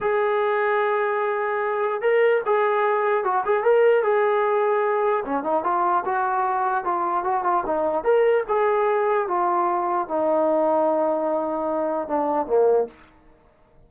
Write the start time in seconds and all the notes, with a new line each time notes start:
0.00 G#4
2.01 A#4
2.45 G#4
3.24 F#4
3.45 G#4
3.63 A#4
4.03 G#4
5.25 C#4
5.43 D#4
5.63 F4
6.05 F#4
6.84 F4
7.24 F#4
7.43 F4
7.65 D#4
8.03 A#4
8.48 G#4
9.27 F4
10.08 D#4
12.07 D4
12.46 A#3